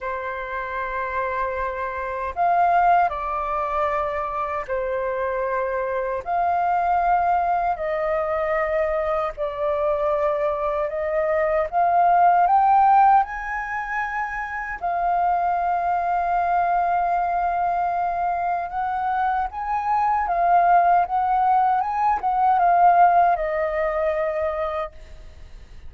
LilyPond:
\new Staff \with { instrumentName = "flute" } { \time 4/4 \tempo 4 = 77 c''2. f''4 | d''2 c''2 | f''2 dis''2 | d''2 dis''4 f''4 |
g''4 gis''2 f''4~ | f''1 | fis''4 gis''4 f''4 fis''4 | gis''8 fis''8 f''4 dis''2 | }